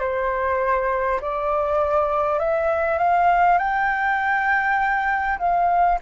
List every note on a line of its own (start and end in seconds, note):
0.00 1.20 C5
1.21 2.39 D5
2.39 2.98 E5
2.98 3.58 F5
3.58 5.38 G5
5.38 5.98 F5